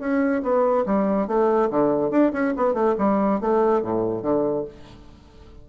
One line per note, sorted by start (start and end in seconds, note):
0.00 0.42 C#4
0.43 0.85 B3
0.86 1.28 G3
1.28 1.70 A3
1.71 2.11 D3
2.11 2.32 D4
2.33 2.54 C#4
2.57 2.74 B3
2.74 2.95 A3
2.99 3.41 G3
3.41 3.82 A3
3.82 4.23 A2
4.23 4.65 D3